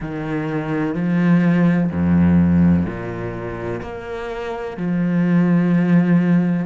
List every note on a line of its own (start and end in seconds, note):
0.00 0.94 D#3
0.94 1.90 F3
1.91 2.86 F2
2.86 3.81 A#2
3.82 4.77 A#3
4.77 6.65 F3